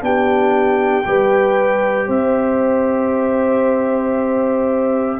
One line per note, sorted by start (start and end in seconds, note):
0.00 1.06 B3
0.00 1.03 D4
0.00 1.07 G4
0.00 2.11 G5
1.05 2.08 G3
1.05 5.19 G4
1.05 2.08 B4
2.08 5.19 C4
2.08 5.18 C5
2.08 5.20 E5